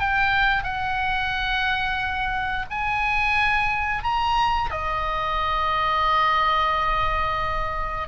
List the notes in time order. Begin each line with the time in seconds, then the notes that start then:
0.00 G5
0.64 F#5
2.71 G#5
4.04 A#5
4.71 D#5